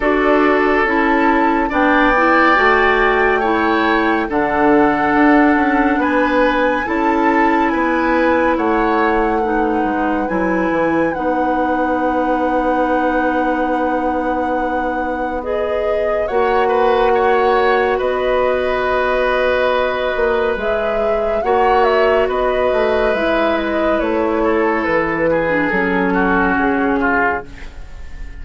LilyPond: <<
  \new Staff \with { instrumentName = "flute" } { \time 4/4 \tempo 4 = 70 d''4 a''4 g''2~ | g''4 fis''2 gis''4 | a''4 gis''4 fis''2 | gis''4 fis''2.~ |
fis''2 dis''4 fis''4~ | fis''4 dis''2. | e''4 fis''8 e''8 dis''4 e''8 dis''8 | cis''4 b'4 a'4 gis'4 | }
  \new Staff \with { instrumentName = "oboe" } { \time 4/4 a'2 d''2 | cis''4 a'2 b'4 | a'4 b'4 cis''4 b'4~ | b'1~ |
b'2. cis''8 b'8 | cis''4 b'2.~ | b'4 cis''4 b'2~ | b'8 a'4 gis'4 fis'4 f'8 | }
  \new Staff \with { instrumentName = "clarinet" } { \time 4/4 fis'4 e'4 d'8 e'8 fis'4 | e'4 d'2. | e'2. dis'4 | e'4 dis'2.~ |
dis'2 gis'4 fis'4~ | fis'1 | gis'4 fis'2 e'4~ | e'4.~ e'16 d'16 cis'2 | }
  \new Staff \with { instrumentName = "bassoon" } { \time 4/4 d'4 cis'4 b4 a4~ | a4 d4 d'8 cis'8 b4 | cis'4 b4 a4. gis8 | fis8 e8 b2.~ |
b2. ais4~ | ais4 b2~ b8 ais8 | gis4 ais4 b8 a8 gis4 | a4 e4 fis4 cis4 | }
>>